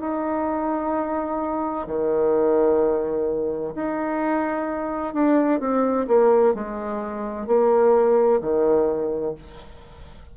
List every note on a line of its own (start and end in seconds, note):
0.00 1.87 D#4
1.87 3.74 D#3
3.75 5.13 D#4
5.13 5.60 D4
5.60 6.07 C4
6.07 6.54 A#3
6.54 7.47 G#3
7.47 8.41 A#3
8.41 9.35 D#3